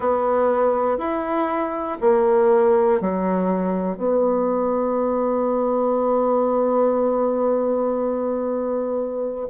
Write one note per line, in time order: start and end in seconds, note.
0.00 0.98 B3
0.98 1.98 E4
2.00 3.00 A#3
3.00 3.97 F#3
3.97 9.47 B3